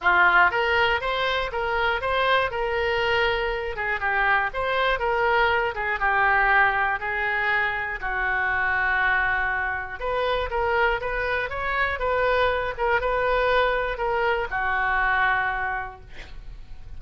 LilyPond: \new Staff \with { instrumentName = "oboe" } { \time 4/4 \tempo 4 = 120 f'4 ais'4 c''4 ais'4 | c''4 ais'2~ ais'8 gis'8 | g'4 c''4 ais'4. gis'8 | g'2 gis'2 |
fis'1 | b'4 ais'4 b'4 cis''4 | b'4. ais'8 b'2 | ais'4 fis'2. | }